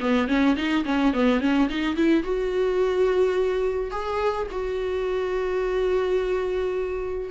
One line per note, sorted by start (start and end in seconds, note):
0.00 0.28 B3
0.28 0.56 C#4
0.56 0.84 D#4
0.85 1.13 C#4
1.13 1.40 B3
1.40 1.68 C#4
1.69 1.96 D#4
1.96 2.23 E4
2.23 3.91 F#4
3.91 4.47 G#4
4.51 7.30 F#4